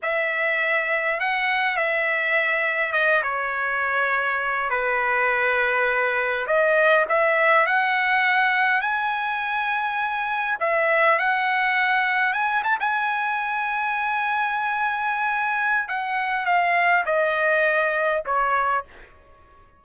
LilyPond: \new Staff \with { instrumentName = "trumpet" } { \time 4/4 \tempo 4 = 102 e''2 fis''4 e''4~ | e''4 dis''8 cis''2~ cis''8 | b'2. dis''4 | e''4 fis''2 gis''4~ |
gis''2 e''4 fis''4~ | fis''4 gis''8 a''16 gis''2~ gis''16~ | gis''2. fis''4 | f''4 dis''2 cis''4 | }